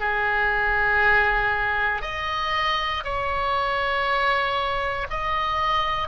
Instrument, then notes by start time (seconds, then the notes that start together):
oboe
0.00 G#4
2.02 D#5
3.04 C#5
5.10 D#5